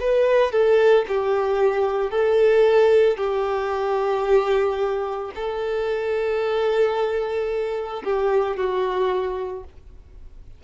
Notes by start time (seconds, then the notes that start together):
0.00 B4
0.52 A4
1.08 G4
2.11 A4
3.17 G4
5.35 A4
8.04 G4
8.57 F#4